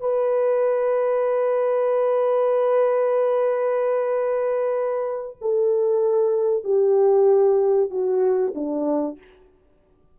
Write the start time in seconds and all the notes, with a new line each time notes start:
0.00 B4
5.41 A4
6.64 G4
7.91 F#4
8.55 D4